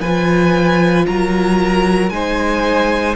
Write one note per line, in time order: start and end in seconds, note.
0.00 1.05 F3
0.00 2.12 F4
0.00 1.06 B4
0.00 1.06 G#5
1.06 2.10 F#3
1.06 2.13 A#4
1.06 2.09 A#5
2.09 3.15 G#3
2.09 3.15 D#4
2.09 3.15 C5
2.09 3.15 G#5